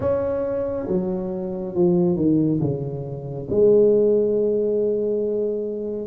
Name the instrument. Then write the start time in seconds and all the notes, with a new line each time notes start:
tuba
0.00 C#4
0.87 F#3
1.74 F3
2.15 D#3
2.60 C#3
3.50 G#3